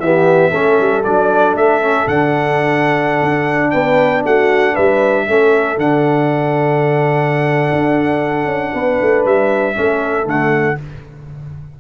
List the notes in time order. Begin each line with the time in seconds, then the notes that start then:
0.00 E3 B3 G4 E5
0.51 A3 C#4 A4
0.80 G3
1.04 F#3 D4 D5
1.55 A3 E5
1.82 C#4
2.07 D3 D4 F#5
3.22 D4
3.71 B3 B4 G5
4.25 A3 F#4 F#5
4.74 G3 B4 E5
5.28 A3 C#4 A4
5.78 D3 D4 F#5
7.73 D4
8.46 C#4
8.74 B3 B4
9.02 A3
9.26 G3 E5
9.75 A3 C#4 A4
10.25 D3 A3 F#5